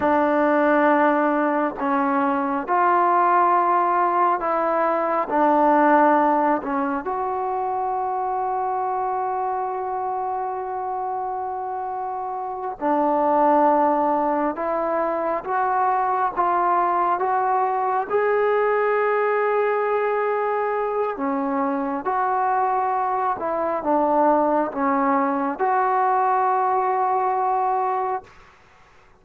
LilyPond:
\new Staff \with { instrumentName = "trombone" } { \time 4/4 \tempo 4 = 68 d'2 cis'4 f'4~ | f'4 e'4 d'4. cis'8 | fis'1~ | fis'2~ fis'8 d'4.~ |
d'8 e'4 fis'4 f'4 fis'8~ | fis'8 gis'2.~ gis'8 | cis'4 fis'4. e'8 d'4 | cis'4 fis'2. | }